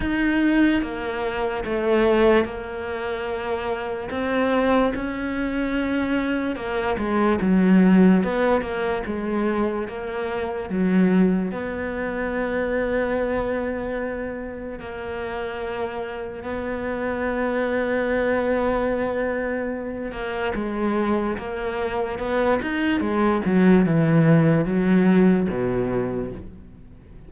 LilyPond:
\new Staff \with { instrumentName = "cello" } { \time 4/4 \tempo 4 = 73 dis'4 ais4 a4 ais4~ | ais4 c'4 cis'2 | ais8 gis8 fis4 b8 ais8 gis4 | ais4 fis4 b2~ |
b2 ais2 | b1~ | b8 ais8 gis4 ais4 b8 dis'8 | gis8 fis8 e4 fis4 b,4 | }